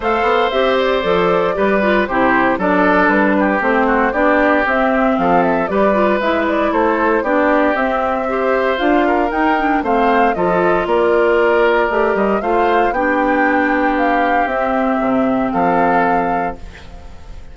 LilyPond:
<<
  \new Staff \with { instrumentName = "flute" } { \time 4/4 \tempo 4 = 116 f''4 e''8 d''2~ d''8 | c''4 d''4 b'4 c''4 | d''4 e''4 f''8 e''8 d''4 | e''8 d''8 c''4 d''4 e''4~ |
e''4 f''4 g''4 f''4 | dis''4 d''2~ d''8 dis''8 | f''4 g''2 f''4 | e''2 f''2 | }
  \new Staff \with { instrumentName = "oboe" } { \time 4/4 c''2. b'4 | g'4 a'4. g'4 fis'8 | g'2 a'4 b'4~ | b'4 a'4 g'2 |
c''4. ais'4. c''4 | a'4 ais'2. | c''4 g'2.~ | g'2 a'2 | }
  \new Staff \with { instrumentName = "clarinet" } { \time 4/4 a'4 g'4 a'4 g'8 f'8 | e'4 d'2 c'4 | d'4 c'2 g'8 f'8 | e'2 d'4 c'4 |
g'4 f'4 dis'8 d'8 c'4 | f'2. g'4 | f'4 d'2. | c'1 | }
  \new Staff \with { instrumentName = "bassoon" } { \time 4/4 a8 b8 c'4 f4 g4 | c4 fis4 g4 a4 | b4 c'4 f4 g4 | gis4 a4 b4 c'4~ |
c'4 d'4 dis'4 a4 | f4 ais2 a8 g8 | a4 b2. | c'4 c4 f2 | }
>>